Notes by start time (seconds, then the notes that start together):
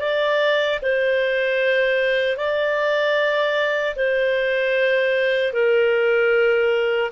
0.00 D5
0.82 C5
2.37 D5
3.96 C5
5.53 A#4